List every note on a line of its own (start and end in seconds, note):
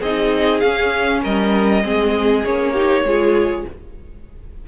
0.00 0.62 C4
0.00 0.63 D#4
0.00 1.21 G#4
0.00 0.60 D#5
0.60 1.84 C#4
0.60 1.24 C#4
0.60 1.21 F5
1.23 1.84 G3
1.23 1.84 A#4
1.23 2.45 D#5
1.84 2.45 G#3
1.84 2.44 C4
1.84 2.73 G#4
2.45 3.04 A#3
2.45 2.76 C#4
2.45 3.67 C#5
2.73 3.07 D#4
2.73 3.04 G4
3.04 3.65 G#3
3.04 3.68 F4
3.04 3.68 G#4